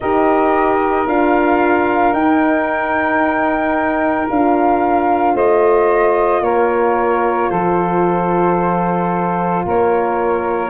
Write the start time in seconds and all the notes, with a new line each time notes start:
0.00 D#4 G4 A#4 D#5
1.07 D4 F4 F5
2.12 D#4 G5
4.29 D4 F4 F5
5.34 A3 C5 D#5
6.40 A#3 A#4 C#5
7.50 F3 A4 C5
9.64 A#3 A#4 C#5